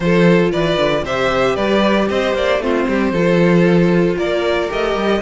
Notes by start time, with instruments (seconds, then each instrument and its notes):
0.00 cello F3, viola F4, violin A4 C5
0.51 cello E3, violin B4 D5
0.77 cello D3
1.04 cello C3, viola G4, violin C5 E5
1.55 cello G3, violin B4 D5
2.09 cello C4, violin C5 D#5
2.34 cello A#3, violin D5
2.59 cello A3, viola C4, violin F4 C5
2.88 cello G3, violin G4
3.12 cello F3, viola F4, violin A4
4.17 cello A#3, violin A#4 D5
4.68 cello A3, viola G4, violin D#5
4.95 cello G3